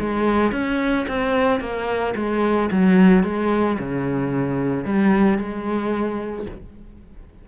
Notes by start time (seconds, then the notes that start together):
0.00 G#3
0.52 C#4
1.08 C4
1.61 A#3
2.16 G#3
2.72 F#3
3.24 G#3
3.79 C#3
4.85 G3
5.39 G#3